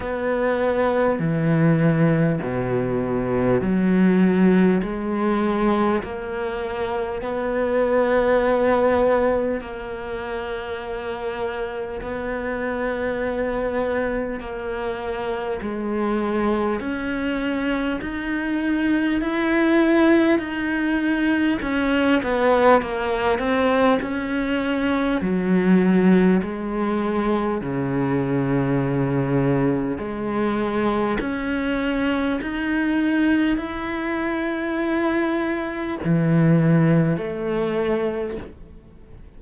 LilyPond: \new Staff \with { instrumentName = "cello" } { \time 4/4 \tempo 4 = 50 b4 e4 b,4 fis4 | gis4 ais4 b2 | ais2 b2 | ais4 gis4 cis'4 dis'4 |
e'4 dis'4 cis'8 b8 ais8 c'8 | cis'4 fis4 gis4 cis4~ | cis4 gis4 cis'4 dis'4 | e'2 e4 a4 | }